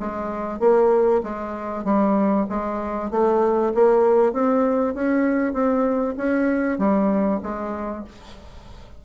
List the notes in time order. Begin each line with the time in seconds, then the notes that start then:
0.00 G#3
0.60 A#3
1.24 G#3
1.85 G3
2.49 G#3
3.11 A3
3.75 A#3
4.33 C4
4.95 C#4
5.53 C4
6.17 C#4
6.79 G3
7.43 G#3